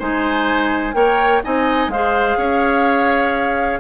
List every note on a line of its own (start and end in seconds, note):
0.00 0.95 G#3
0.00 0.93 D#4
0.00 0.95 C5
0.00 0.94 G#5
0.93 1.42 A#3
0.93 1.41 A#4
0.93 1.44 C#5
0.93 1.42 G5
1.44 1.88 C4
1.44 1.91 D#4
1.44 1.92 D#5
1.44 1.91 G#5
1.88 2.36 G#3
1.88 3.80 G#4
1.88 2.38 C5
1.88 3.80 F5
2.37 3.80 C#4
2.37 3.80 C#5